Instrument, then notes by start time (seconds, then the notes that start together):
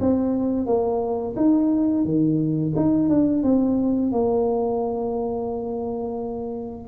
tuba
0.00 C4
0.66 A#3
1.36 D#4
2.04 D#3
2.76 D#4
3.09 D4
3.43 C4
4.12 A#3